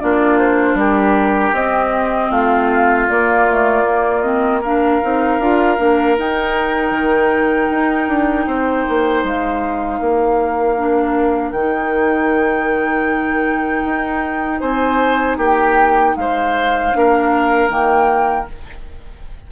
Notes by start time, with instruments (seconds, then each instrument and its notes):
0.00 bassoon A#3, clarinet D4, oboe F4, flute D5
0.39 flute C5
0.74 bassoon G3, oboe G4, flute A#4
1.52 bassoon C4, clarinet C4, flute D#5
2.31 bassoon A3, oboe F4, flute F5
3.09 clarinet A#3, bassoon A#3, flute D5
3.50 clarinet A3
3.83 clarinet A#3
4.22 clarinet C4, flute D#5
4.61 clarinet D4, oboe A#4, flute F5
5.03 bassoon C4, clarinet D#4
5.39 bassoon D4, clarinet F4
5.78 bassoon A#3, clarinet D4
6.17 bassoon D#4, clarinet D#4, flute G5
6.91 bassoon D#3
7.71 bassoon D#4
8.08 bassoon D4
8.47 bassoon C4, oboe C5
8.89 bassoon A#3
9.24 bassoon G#3, flute F5
9.99 bassoon A#3, oboe A#4
10.77 clarinet D4
11.52 bassoon D#3, clarinet D#4, flute G5
13.85 bassoon D#4
14.61 bassoon C4, oboe C5, flute G#5
15.37 bassoon A#3, oboe G4, flute G5
16.16 bassoon G#3, oboe C5, flute F5
16.93 bassoon A#3, clarinet D4, oboe A#4
17.69 bassoon D#3, clarinet A#3, flute G5